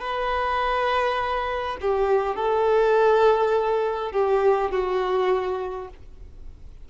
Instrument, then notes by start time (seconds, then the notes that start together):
violin
0.00 B4
1.81 G4
2.35 A4
4.12 G4
4.71 F#4